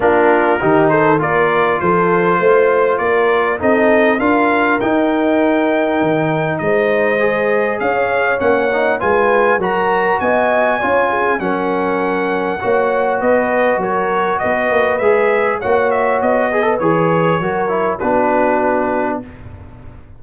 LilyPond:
<<
  \new Staff \with { instrumentName = "trumpet" } { \time 4/4 \tempo 4 = 100 ais'4. c''8 d''4 c''4~ | c''4 d''4 dis''4 f''4 | g''2. dis''4~ | dis''4 f''4 fis''4 gis''4 |
ais''4 gis''2 fis''4~ | fis''2 dis''4 cis''4 | dis''4 e''4 fis''8 e''8 dis''4 | cis''2 b'2 | }
  \new Staff \with { instrumentName = "horn" } { \time 4/4 f'4 g'8 a'8 ais'4 a'4 | c''4 ais'4 a'4 ais'4~ | ais'2. c''4~ | c''4 cis''2 b'4 |
ais'4 dis''4 cis''8 gis'8 ais'4~ | ais'4 cis''4 b'4 ais'4 | b'2 cis''4. b'8~ | b'4 ais'4 fis'2 | }
  \new Staff \with { instrumentName = "trombone" } { \time 4/4 d'4 dis'4 f'2~ | f'2 dis'4 f'4 | dis'1 | gis'2 cis'8 dis'8 f'4 |
fis'2 f'4 cis'4~ | cis'4 fis'2.~ | fis'4 gis'4 fis'4. gis'16 a'16 | gis'4 fis'8 e'8 d'2 | }
  \new Staff \with { instrumentName = "tuba" } { \time 4/4 ais4 dis4 ais4 f4 | a4 ais4 c'4 d'4 | dis'2 dis4 gis4~ | gis4 cis'4 ais4 gis4 |
fis4 b4 cis'4 fis4~ | fis4 ais4 b4 fis4 | b8 ais8 gis4 ais4 b4 | e4 fis4 b2 | }
>>